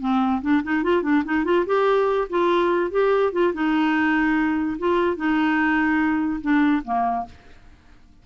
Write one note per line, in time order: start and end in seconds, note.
0.00 0.41 C4
0.42 0.62 D4
0.63 0.83 D#4
0.83 1.03 F4
1.03 1.23 D4
1.25 1.44 D#4
1.44 1.65 F4
1.66 2.28 G4
2.30 2.91 F4
2.91 3.32 G4
3.33 3.53 F4
3.53 4.78 D#4
4.78 5.16 F4
5.16 6.41 D#4
6.41 6.82 D4
6.84 7.26 A#3